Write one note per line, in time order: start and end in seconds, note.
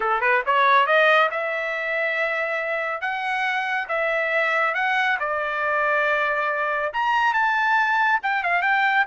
0.00 0.20 A4
0.20 0.42 B4
0.46 0.86 C#5
0.86 1.29 D#5
1.30 3.01 E5
3.01 3.87 F#5
3.88 4.74 E5
4.74 5.17 F#5
5.19 6.92 D5
6.93 7.33 A#5
7.33 8.20 A5
8.22 8.43 G5
8.43 8.62 F5
8.62 9.05 G5